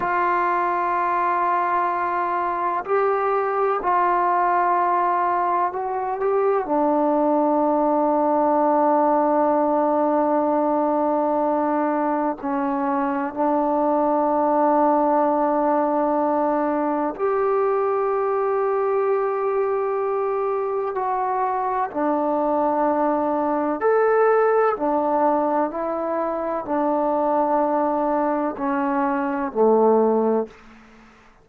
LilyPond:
\new Staff \with { instrumentName = "trombone" } { \time 4/4 \tempo 4 = 63 f'2. g'4 | f'2 fis'8 g'8 d'4~ | d'1~ | d'4 cis'4 d'2~ |
d'2 g'2~ | g'2 fis'4 d'4~ | d'4 a'4 d'4 e'4 | d'2 cis'4 a4 | }